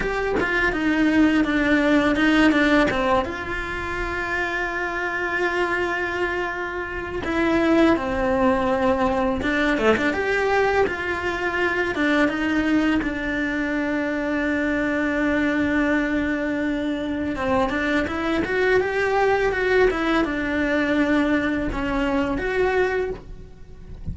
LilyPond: \new Staff \with { instrumentName = "cello" } { \time 4/4 \tempo 4 = 83 g'8 f'8 dis'4 d'4 dis'8 d'8 | c'8 f'2.~ f'8~ | f'2 e'4 c'4~ | c'4 d'8 a16 d'16 g'4 f'4~ |
f'8 d'8 dis'4 d'2~ | d'1 | c'8 d'8 e'8 fis'8 g'4 fis'8 e'8 | d'2 cis'4 fis'4 | }